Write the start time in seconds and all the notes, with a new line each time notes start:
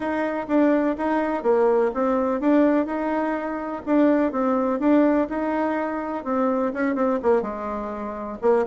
0.00 D#4
0.47 D4
0.97 D#4
1.43 A#3
1.94 C4
2.40 D4
2.86 D#4
3.85 D4
4.32 C4
4.79 D4
5.29 D#4
6.24 C4
6.73 C#4
6.95 C4
7.22 A#3
7.42 G#3
8.41 A#3